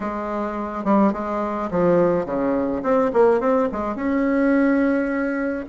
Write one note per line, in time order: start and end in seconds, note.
0.00 0.84 G#3
0.84 1.12 G3
1.12 1.69 G#3
1.71 2.25 F3
2.25 2.82 C#3
2.83 3.11 C4
3.13 3.40 A#3
3.40 3.68 C4
3.72 3.95 G#3
3.95 5.65 C#4